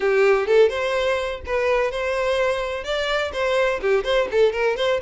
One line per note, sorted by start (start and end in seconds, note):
0.00 0.47 G4
0.47 0.69 A4
0.69 1.40 C5
1.45 1.91 B4
1.91 2.84 C5
2.84 3.31 D5
3.32 3.80 C5
3.81 4.04 G4
4.04 4.27 C5
4.31 4.52 A4
4.52 4.76 A#4
4.76 5.00 C5